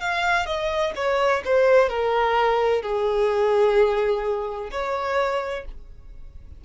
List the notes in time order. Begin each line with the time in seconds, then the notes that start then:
0.00 F5
0.46 D#5
0.95 C#5
1.45 C5
1.89 A#4
2.82 G#4
4.71 C#5